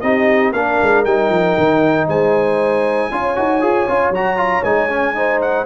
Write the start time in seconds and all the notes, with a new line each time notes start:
0.00 C4 D#4 G4 D#5
0.53 A#3 D4 A#4 F5
0.82 G#3
1.04 G3 D#4 G5
1.29 F3
1.57 D#3
2.07 G#3 C5 G#5
3.11 C#4 F4 C#5
3.35 D#4 F#4
3.61 F4 G#4
3.88 C#4 F4
4.10 F#3 F#4 A#5
4.36 F4
4.63 G#3 D#4 G#5
4.89 C#4
5.15 D#4 C5
5.41 F#5